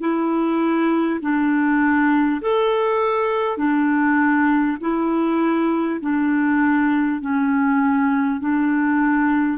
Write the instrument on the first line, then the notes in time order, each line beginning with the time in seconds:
clarinet
0.00 E4
1.21 D4
2.42 A4
3.57 D4
4.81 E4
6.01 D4
7.21 C#4
8.41 D4